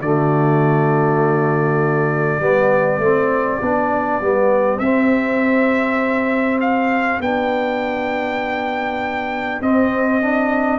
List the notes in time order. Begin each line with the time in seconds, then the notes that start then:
0.00 D3 A3 F#4 D5
2.39 G3 B3 G4
2.98 A3 C4
3.61 B3 D4
4.20 G3 B3
4.79 C4 E5
6.60 F5
7.20 B3 D4 G5
9.61 C4 D#5
10.21 D4